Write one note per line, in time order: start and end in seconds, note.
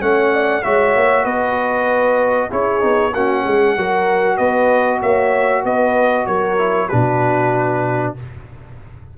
0.00 0.64 A3
0.00 0.62 C#4
0.00 0.32 C#5
0.00 0.63 F#5
0.33 0.65 D5
0.63 0.96 G#3
0.63 2.50 F#4
0.63 1.24 C#5
0.63 1.25 E5
0.96 1.25 A#3
1.24 2.50 B3
1.24 2.49 B4
1.24 2.51 D#5
2.50 2.83 C#4
2.50 2.80 E4
2.50 3.13 G#4
2.50 3.14 C#5
2.80 3.14 B3
2.80 3.11 D#4
3.14 3.46 A#3
3.14 3.78 C#4
3.14 3.44 F#4
3.14 4.38 F#5
3.44 3.76 G#3
3.44 3.75 G#4
3.76 4.39 F#3
3.76 6.58 F#4
3.76 4.37 A#4
4.37 5.01 B3
4.37 5.00 B4
4.37 5.00 D#5
5.00 5.64 A#3
5.00 5.62 C#5
5.00 5.65 E5
5.64 6.27 B3
5.64 6.27 B4
5.64 6.27 D#5
6.27 6.90 F#3
6.27 6.90 A#4
6.27 6.88 C#5
6.58 6.89 E4
6.88 8.18 B2
6.88 8.17 D4
6.88 8.15 F#4
6.88 8.13 B4